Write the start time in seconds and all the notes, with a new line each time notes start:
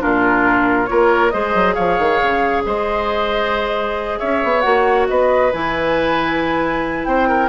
0.00 A#2 D4 F4 A#4
0.86 A#3 F4 A#4 C#5
1.30 G#3 G#4 C5 D#5
1.54 F#3
1.74 F3 C#5 F5
1.98 D#3
2.22 C#3
2.65 G#3 C5 D#5
4.19 C#4 C#5 E5
4.43 B3
4.61 A#3 F#4 F#5
5.08 B3 B4 D#5
5.53 E3 E4 G#5
7.05 C4 C5 G5
7.28 A#4